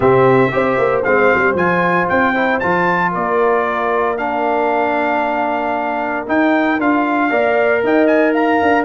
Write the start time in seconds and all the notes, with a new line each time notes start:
0.00 C3 C4 G4 E5
0.51 C4 G4 C5
0.77 A#3
1.03 G#3 C4 F5
1.34 G3
1.54 F3 F4 G#5
2.08 C4 G5
2.34 E4
2.59 F3 F4 A5
3.10 A#3 A#4 D5
4.17 D4 F5
6.26 D#4 G5
6.79 D4 F4 F5
7.30 A#3 A#4 D5
7.83 D#4 D#5 G5
8.06 G#5
8.33 F5 A#5
8.61 D4